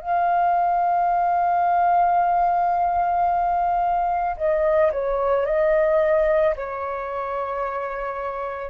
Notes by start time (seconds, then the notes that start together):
0.00 F5
4.37 D#5
4.92 C#5
5.45 D#5
6.56 C#5